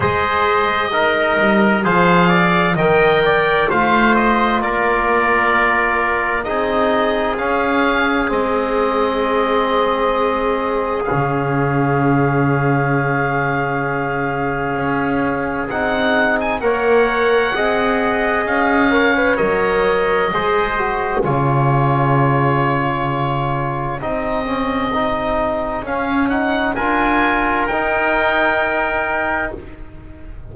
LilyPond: <<
  \new Staff \with { instrumentName = "oboe" } { \time 4/4 \tempo 4 = 65 dis''2 f''4 g''4 | f''8 dis''8 d''2 dis''4 | f''4 dis''2. | f''1~ |
f''4 fis''8. gis''16 fis''2 | f''4 dis''2 cis''4~ | cis''2 dis''2 | f''8 fis''8 gis''4 g''2 | }
  \new Staff \with { instrumentName = "trumpet" } { \time 4/4 c''4 ais'4 c''8 d''8 dis''8 d''8 | c''4 ais'2 gis'4~ | gis'1~ | gis'1~ |
gis'2 cis''4 dis''4~ | dis''8 cis''4. c''4 gis'4~ | gis'1~ | gis'4 ais'2. | }
  \new Staff \with { instrumentName = "trombone" } { \time 4/4 gis'4 dis'4 gis'4 ais'4 | f'2. dis'4 | cis'4 c'2. | cis'1~ |
cis'4 dis'4 ais'4 gis'4~ | gis'8 ais'16 b'16 ais'4 gis'8 fis'8 f'4~ | f'2 dis'8 cis'8 dis'4 | cis'8 dis'8 f'4 dis'2 | }
  \new Staff \with { instrumentName = "double bass" } { \time 4/4 gis4. g8 f4 dis4 | a4 ais2 c'4 | cis'4 gis2. | cis1 |
cis'4 c'4 ais4 c'4 | cis'4 fis4 gis4 cis4~ | cis2 c'2 | cis'4 d'4 dis'2 | }
>>